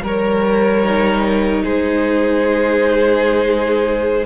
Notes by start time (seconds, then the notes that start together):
0.00 G3 A#4
0.06 C#5
0.84 D#4
1.63 G#3 G#4 C5